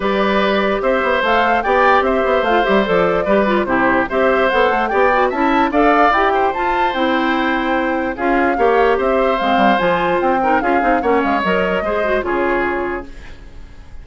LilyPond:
<<
  \new Staff \with { instrumentName = "flute" } { \time 4/4 \tempo 4 = 147 d''2 e''4 f''4 | g''4 e''4 f''8 e''8 d''4~ | d''4 c''4 e''4 fis''4 | g''4 a''4 f''4 g''4 |
a''4 g''2. | f''2 e''4 f''4 | gis''4 g''4 f''4 fis''8 f''8 | dis''2 cis''2 | }
  \new Staff \with { instrumentName = "oboe" } { \time 4/4 b'2 c''2 | d''4 c''2. | b'4 g'4 c''2 | d''4 e''4 d''4. c''8~ |
c''1 | gis'4 cis''4 c''2~ | c''4. ais'8 gis'4 cis''4~ | cis''4 c''4 gis'2 | }
  \new Staff \with { instrumentName = "clarinet" } { \time 4/4 g'2. a'4 | g'2 f'8 g'8 a'4 | g'8 f'8 e'4 g'4 a'4 | g'8 fis'8 e'4 a'4 g'4 |
f'4 e'2. | f'4 g'2 c'4 | f'4. dis'8 f'8 dis'8 cis'4 | ais'4 gis'8 fis'8 f'2 | }
  \new Staff \with { instrumentName = "bassoon" } { \time 4/4 g2 c'8 b8 a4 | b4 c'8 b8 a8 g8 f4 | g4 c4 c'4 b8 a8 | b4 cis'4 d'4 e'4 |
f'4 c'2. | cis'4 ais4 c'4 gis8 g8 | f4 c'4 cis'8 c'8 ais8 gis8 | fis4 gis4 cis2 | }
>>